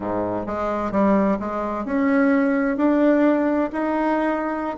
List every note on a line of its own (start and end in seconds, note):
0.00 0.46 G#2
0.46 0.91 G#3
0.91 1.38 G3
1.39 1.85 G#3
1.85 2.77 C#4
2.77 3.70 D4
3.72 4.77 D#4